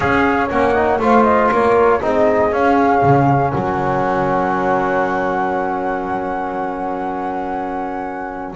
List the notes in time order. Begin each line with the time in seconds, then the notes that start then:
0.00 C#4 G#4 C#5 F5
0.49 A#3 C#4 F#5
0.74 D#4
0.99 A3 F4 C5 F5
1.23 D#5
1.51 A#3 A#4 C#5
2.00 C4 D#4 G#4 D#5
2.51 C#4 F5
3.03 C#3
3.50 F#3 A#4 F#5